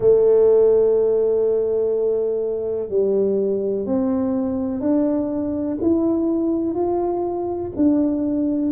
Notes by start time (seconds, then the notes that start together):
0.00 A3
2.89 G3
3.86 C4
4.80 D4
5.81 E4
6.74 F4
7.76 D4